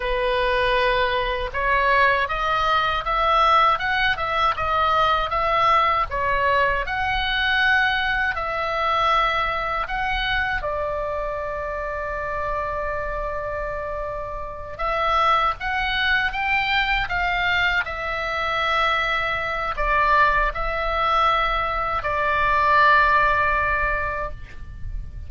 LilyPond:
\new Staff \with { instrumentName = "oboe" } { \time 4/4 \tempo 4 = 79 b'2 cis''4 dis''4 | e''4 fis''8 e''8 dis''4 e''4 | cis''4 fis''2 e''4~ | e''4 fis''4 d''2~ |
d''2.~ d''8 e''8~ | e''8 fis''4 g''4 f''4 e''8~ | e''2 d''4 e''4~ | e''4 d''2. | }